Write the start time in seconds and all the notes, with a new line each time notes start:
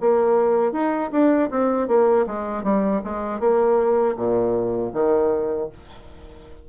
0.00 A#3
0.72 D#4
1.12 D4
1.50 C4
1.87 A#3
2.26 G#3
2.63 G3
3.04 G#3
3.40 A#3
4.16 A#2
4.93 D#3